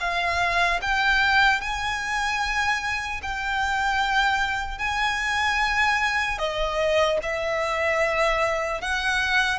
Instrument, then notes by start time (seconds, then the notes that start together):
violin
0.00 F5
0.82 G5
1.61 G#5
3.23 G5
4.79 G#5
6.38 D#5
7.23 E5
8.81 F#5